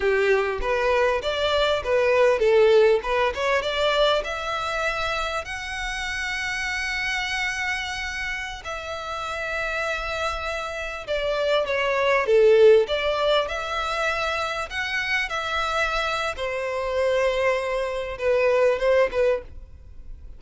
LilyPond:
\new Staff \with { instrumentName = "violin" } { \time 4/4 \tempo 4 = 99 g'4 b'4 d''4 b'4 | a'4 b'8 cis''8 d''4 e''4~ | e''4 fis''2.~ | fis''2~ fis''16 e''4.~ e''16~ |
e''2~ e''16 d''4 cis''8.~ | cis''16 a'4 d''4 e''4.~ e''16~ | e''16 fis''4 e''4.~ e''16 c''4~ | c''2 b'4 c''8 b'8 | }